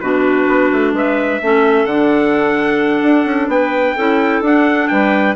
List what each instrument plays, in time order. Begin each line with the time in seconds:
0.00 bassoon B2, clarinet D4 F#4, trumpet B4
0.47 bassoon B3
0.72 bassoon A3
0.93 bassoon G#3, clarinet B4, trumpet E5
1.41 bassoon A3, clarinet C#4 A4
1.85 bassoon D3, clarinet D4, trumpet F#5
3.02 bassoon D4
3.25 bassoon C#4
3.48 bassoon B3, clarinet B4, trumpet G5
3.96 bassoon C#4, clarinet E4 A4
4.41 bassoon D4, clarinet D4, trumpet F#5
4.88 bassoon G3, clarinet B4, trumpet G5